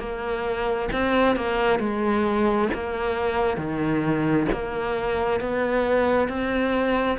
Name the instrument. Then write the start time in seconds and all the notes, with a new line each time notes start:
cello
0.00 A#3
0.93 C4
1.36 A#3
1.80 G#3
2.74 A#3
3.58 D#3
4.53 A#3
5.41 B3
6.29 C4